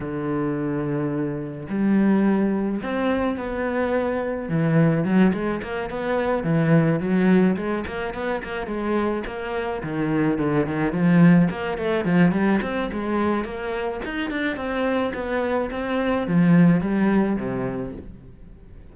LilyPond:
\new Staff \with { instrumentName = "cello" } { \time 4/4 \tempo 4 = 107 d2. g4~ | g4 c'4 b2 | e4 fis8 gis8 ais8 b4 e8~ | e8 fis4 gis8 ais8 b8 ais8 gis8~ |
gis8 ais4 dis4 d8 dis8 f8~ | f8 ais8 a8 f8 g8 c'8 gis4 | ais4 dis'8 d'8 c'4 b4 | c'4 f4 g4 c4 | }